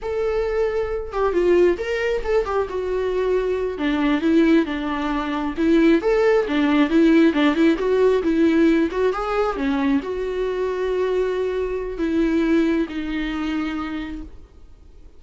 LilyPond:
\new Staff \with { instrumentName = "viola" } { \time 4/4 \tempo 4 = 135 a'2~ a'8 g'8 f'4 | ais'4 a'8 g'8 fis'2~ | fis'8 d'4 e'4 d'4.~ | d'8 e'4 a'4 d'4 e'8~ |
e'8 d'8 e'8 fis'4 e'4. | fis'8 gis'4 cis'4 fis'4.~ | fis'2. e'4~ | e'4 dis'2. | }